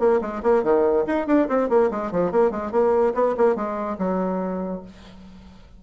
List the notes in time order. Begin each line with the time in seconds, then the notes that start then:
0.00 A#3
0.22 G#3
0.43 A#3
0.64 D#3
1.07 D#4
1.27 D4
1.49 C4
1.70 A#3
1.91 G#3
2.12 F3
2.32 A#3
2.51 G#3
2.72 A#3
3.15 B3
3.38 A#3
3.56 G#3
3.99 F#3